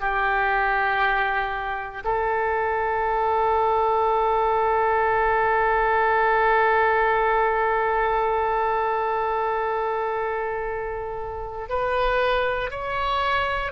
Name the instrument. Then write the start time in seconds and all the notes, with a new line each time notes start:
oboe
0.00 G4
2.04 A4
11.69 B4
12.70 C#5